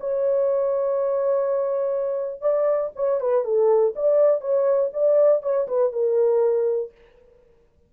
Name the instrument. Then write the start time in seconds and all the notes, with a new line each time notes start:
horn
0.00 C#5
2.41 D5
2.95 C#5
3.20 B4
3.44 A4
3.96 D5
4.41 C#5
4.93 D5
5.43 C#5
5.68 B4
5.93 A#4